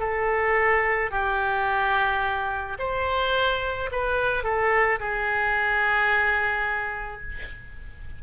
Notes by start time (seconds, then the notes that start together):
0.00 A4
1.11 G4
2.79 C5
3.92 B4
4.44 A4
5.00 G#4